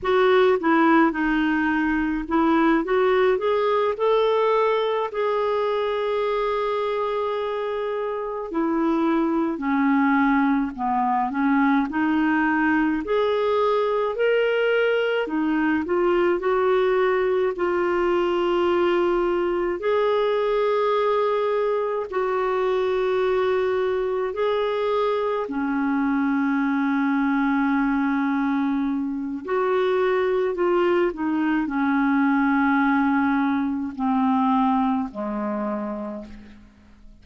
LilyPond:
\new Staff \with { instrumentName = "clarinet" } { \time 4/4 \tempo 4 = 53 fis'8 e'8 dis'4 e'8 fis'8 gis'8 a'8~ | a'8 gis'2. e'8~ | e'8 cis'4 b8 cis'8 dis'4 gis'8~ | gis'8 ais'4 dis'8 f'8 fis'4 f'8~ |
f'4. gis'2 fis'8~ | fis'4. gis'4 cis'4.~ | cis'2 fis'4 f'8 dis'8 | cis'2 c'4 gis4 | }